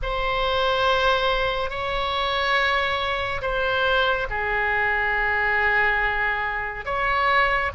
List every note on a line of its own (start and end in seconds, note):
0.02 1.69 C5
1.69 3.41 C#5
3.41 4.27 C5
4.30 6.85 G#4
6.85 7.71 C#5